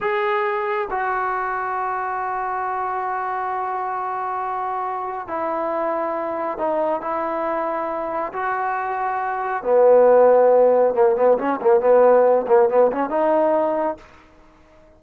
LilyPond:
\new Staff \with { instrumentName = "trombone" } { \time 4/4 \tempo 4 = 137 gis'2 fis'2~ | fis'1~ | fis'1 | e'2. dis'4 |
e'2. fis'4~ | fis'2 b2~ | b4 ais8 b8 cis'8 ais8 b4~ | b8 ais8 b8 cis'8 dis'2 | }